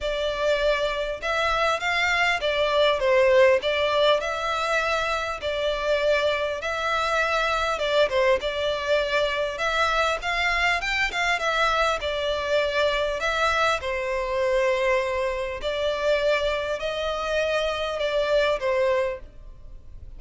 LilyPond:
\new Staff \with { instrumentName = "violin" } { \time 4/4 \tempo 4 = 100 d''2 e''4 f''4 | d''4 c''4 d''4 e''4~ | e''4 d''2 e''4~ | e''4 d''8 c''8 d''2 |
e''4 f''4 g''8 f''8 e''4 | d''2 e''4 c''4~ | c''2 d''2 | dis''2 d''4 c''4 | }